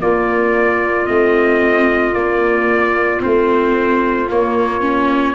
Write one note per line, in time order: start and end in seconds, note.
0.00 1.07 A#3
0.00 1.08 A#3
0.00 5.35 F4
0.00 1.07 D5
1.07 2.14 A3
1.07 2.15 C4
1.07 2.14 D#5
2.14 3.21 A#3
2.14 3.20 A#3
2.14 3.21 D5
3.20 4.29 A3
3.20 4.27 C4
3.20 4.30 C5
4.29 5.35 A#3
4.29 4.81 A#3
4.29 5.35 C#5
4.81 5.35 C#4